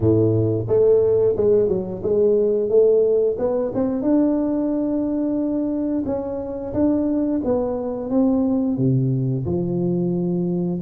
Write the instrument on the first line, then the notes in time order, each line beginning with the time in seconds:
tuba
0.00 A2
0.67 A3
1.36 G#3
1.68 F#3
2.02 G#3
2.69 A3
3.38 B3
3.74 C4
4.01 D4
6.06 C#4
6.73 D4
7.44 B3
8.10 C4
8.77 C3
9.45 F3